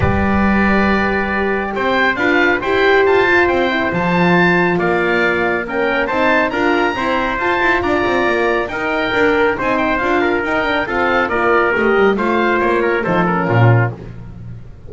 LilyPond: <<
  \new Staff \with { instrumentName = "oboe" } { \time 4/4 \tempo 4 = 138 d''1 | g''4 f''4 g''4 a''4 | g''4 a''2 f''4~ | f''4 g''4 a''4 ais''4~ |
ais''4 a''4 ais''2 | g''2 gis''8 g''8 f''4 | g''4 f''4 d''4 dis''4 | f''4 cis''4 c''8 ais'4. | }
  \new Staff \with { instrumentName = "trumpet" } { \time 4/4 b'1 | c''4 b'4 c''2~ | c''2. d''4~ | d''4 ais'4 c''4 ais'4 |
c''2 d''2 | ais'2 c''4. ais'8~ | ais'4 a'4 ais'2 | c''4. ais'8 a'4 f'4 | }
  \new Staff \with { instrumentName = "horn" } { \time 4/4 g'1~ | g'4 f'4 g'4. f'8~ | f'8 e'8 f'2.~ | f'4 cis'4 dis'4 f'4 |
c'4 f'2. | dis'4 ais'4 dis'4 f'4 | dis'8 d'8 c'4 f'4 g'4 | f'2 dis'8 cis'4. | }
  \new Staff \with { instrumentName = "double bass" } { \time 4/4 g1 | c'4 d'4 e'4 f'4 | c'4 f2 ais4~ | ais2 c'4 d'4 |
e'4 f'8 e'8 d'8 c'8 ais4 | dis'4 d'4 c'4 d'4 | dis'4 f'4 ais4 a8 g8 | a4 ais4 f4 ais,4 | }
>>